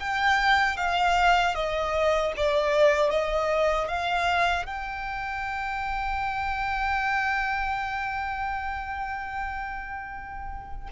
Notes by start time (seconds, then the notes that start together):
0.00 G5
0.77 F5
1.55 D#5
2.37 D5
3.11 D#5
3.88 F5
4.66 G5